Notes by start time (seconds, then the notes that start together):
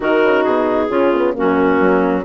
0.00 D#3 D#4 F#4 A#4
0.23 C#3
0.43 B2 G#4
0.88 C#3 C#4 F4
1.13 B3
1.33 F#2 A#3 C#4 F#4
1.80 F#3